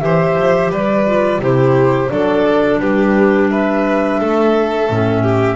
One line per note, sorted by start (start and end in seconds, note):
0.00 0.37 E3
0.00 1.05 G4
0.00 0.71 C5
0.00 0.70 E5
0.37 0.70 F3
0.70 1.39 G3
0.70 1.41 B4
0.70 1.42 D5
1.06 1.40 F4
1.39 2.08 C3
1.39 2.07 E4
1.39 2.12 G4
1.39 2.09 C5
2.07 2.80 F#3
2.07 4.86 D4
2.07 2.81 A4
2.07 2.79 D5
2.80 4.19 G3
2.80 3.50 G4
2.80 3.50 B4
3.50 4.20 B4
3.50 5.56 E5
4.20 4.90 A3
4.20 5.22 A4
4.89 5.56 A2
4.89 5.56 C#4
5.22 5.56 G4